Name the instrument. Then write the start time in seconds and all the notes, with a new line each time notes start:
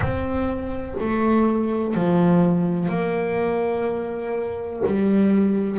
double bass
0.00 C4
1.00 A3
1.94 F3
2.88 A#3
4.86 G3